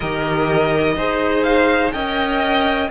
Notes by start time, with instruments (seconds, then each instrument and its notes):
0.00 cello D#3, viola G4, violin A#4 D#5
0.96 cello D#4, viola G#4, violin C5
1.43 violin F5
1.92 cello C#4, viola A#4, violin D#5 G5